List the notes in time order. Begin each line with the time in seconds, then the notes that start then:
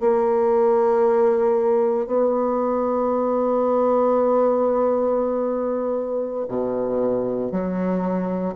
0.00 A#3
2.06 B3
6.48 B2
7.51 F#3